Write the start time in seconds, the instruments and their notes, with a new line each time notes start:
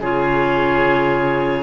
0.00 cello C#3, clarinet F4 C#5, oboe G#4